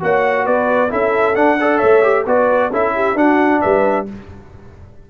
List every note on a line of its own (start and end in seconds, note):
0.00 0.46 A#3
0.00 0.90 F#4
0.00 0.45 C#5
0.00 0.46 F#5
0.45 0.91 B3
0.45 0.90 B4
0.45 0.91 D5
0.90 1.36 C#4
0.90 1.35 E4
0.90 1.58 A4
0.90 1.36 E5
1.36 1.58 D4
1.36 1.81 D4
1.36 1.79 F#5
1.60 2.03 A4
1.60 1.78 D5
1.78 2.26 A3
1.78 2.23 C#5
1.78 2.24 E5
2.03 2.25 G4
2.26 2.71 B3
2.26 2.72 F#4
2.26 2.71 B4
2.26 2.73 D5
2.71 3.15 C#4
2.71 3.16 E4
2.71 2.93 A4
2.71 3.18 E5
2.95 3.17 G4
3.15 3.60 D4
3.15 4.06 D4
3.15 3.62 F#4
3.15 3.61 F#5
3.61 4.10 G3
3.61 4.07 B4
3.61 4.06 E5